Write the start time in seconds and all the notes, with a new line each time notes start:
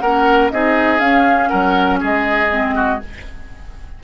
0.00 A#3 C#4 A#4 F#5
0.50 C4 D#4 G#4 D#5
0.99 C#4 F5
1.49 F#3 A#4 F#5
2.01 G#3 G#4 D#5
2.50 C4
2.75 F#4